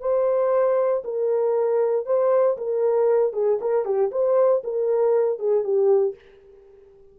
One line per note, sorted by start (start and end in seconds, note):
0.00 1.03 C5
1.04 2.05 A#4
2.05 2.57 C5
2.57 3.33 A#4
3.33 3.59 G#4
3.61 3.85 A#4
3.85 4.10 G4
4.11 4.62 C5
4.63 5.39 A#4
5.39 5.63 G#4
5.63 6.15 G4